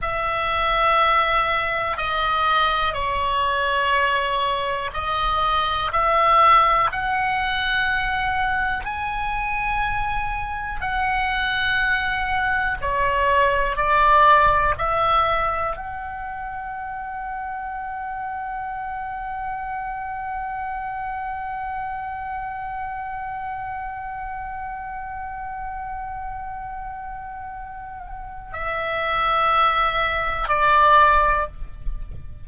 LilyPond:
\new Staff \with { instrumentName = "oboe" } { \time 4/4 \tempo 4 = 61 e''2 dis''4 cis''4~ | cis''4 dis''4 e''4 fis''4~ | fis''4 gis''2 fis''4~ | fis''4 cis''4 d''4 e''4 |
fis''1~ | fis''1~ | fis''1~ | fis''4 e''2 d''4 | }